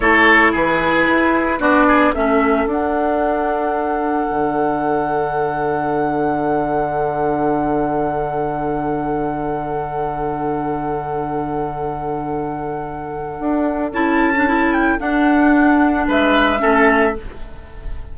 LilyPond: <<
  \new Staff \with { instrumentName = "flute" } { \time 4/4 \tempo 4 = 112 cis''4 b'2 d''4 | e''4 fis''2.~ | fis''1~ | fis''1~ |
fis''1~ | fis''1~ | fis''2 a''4. g''8 | fis''2 e''2 | }
  \new Staff \with { instrumentName = "oboe" } { \time 4/4 a'4 gis'2 fis'8 gis'8 | a'1~ | a'1~ | a'1~ |
a'1~ | a'1~ | a'1~ | a'2 b'4 a'4 | }
  \new Staff \with { instrumentName = "clarinet" } { \time 4/4 e'2. d'4 | cis'4 d'2.~ | d'1~ | d'1~ |
d'1~ | d'1~ | d'2 e'8. d'16 e'4 | d'2. cis'4 | }
  \new Staff \with { instrumentName = "bassoon" } { \time 4/4 a4 e4 e'4 b4 | a4 d'2. | d1~ | d1~ |
d1~ | d1~ | d4 d'4 cis'2 | d'2 gis4 a4 | }
>>